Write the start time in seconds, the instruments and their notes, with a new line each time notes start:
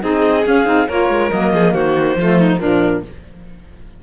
0.00 cello C4, saxophone D#4, violin G#4, clarinet D#5
0.44 saxophone C#4, cello C#4, clarinet F5
0.66 cello C4, saxophone D#4
0.88 cello A#3, saxophone F4, violin A#4, clarinet C#5
1.09 cello G#3
1.30 cello F#3, saxophone A#3, clarinet D#5
1.53 cello F3, violin G#4
1.73 cello D#3, violin F#4, clarinet C5
2.15 cello F3, saxophone A3, violin F4
2.39 violin D#4
2.59 cello A#2, saxophone F3, violin D4, clarinet A#4